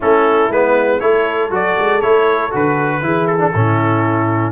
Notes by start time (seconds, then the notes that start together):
0.00 A3 C#4 E4 A4
0.49 G#3 B3 B4
1.00 A3 E4 A4 C#5
1.50 F#3 F#4 D5
1.78 G#3
2.01 A3 E4 C#5
2.50 D3 F#4 B4
3.02 E3 E4 G#4
3.26 A4
3.38 D4
3.53 A2 C#4 E4